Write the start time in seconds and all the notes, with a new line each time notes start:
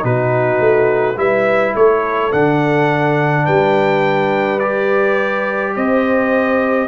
0.00 B2 D#4 F#4 B4
0.60 A3
1.16 G3 E4 B4 E5
1.75 A3 A4 C#5
2.32 D3 D4 F#5
3.45 G3 B4 G5
4.59 G4 D5
5.75 C4 C5 D#5